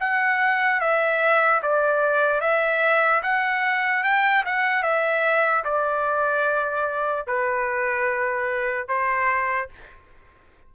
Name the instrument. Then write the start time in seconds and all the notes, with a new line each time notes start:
trumpet
0.00 F#5
0.80 E5
1.62 D5
2.41 E5
3.23 F#5
4.04 G5
4.46 F#5
4.83 E5
5.65 D5
7.27 B4
8.88 C5